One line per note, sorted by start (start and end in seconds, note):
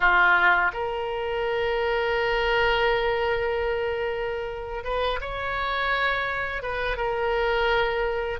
0.00 0.71 F4
0.73 4.83 A#4
4.84 5.19 B4
5.20 6.62 C#5
6.62 6.96 B4
6.96 8.39 A#4